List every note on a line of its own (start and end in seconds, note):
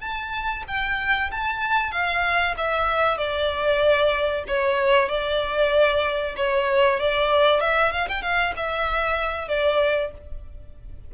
0.00 0.63 A5
0.67 1.30 G5
1.31 1.91 A5
1.91 2.55 F5
2.57 3.18 E5
3.18 4.44 D5
4.47 5.09 C#5
5.09 6.35 D5
6.36 6.99 C#5
6.99 7.60 D5
7.60 7.92 E5
7.92 8.08 F5
8.08 8.22 G5
8.22 8.53 F5
8.56 9.48 E5
9.48 10.11 D5